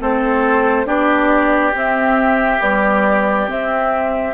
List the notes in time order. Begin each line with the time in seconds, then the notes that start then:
0.00 A3 C4 A4 C5
0.86 B3 D4 G4 D5
1.74 C4 E5
2.60 G3 B3 D5
3.48 C4 E5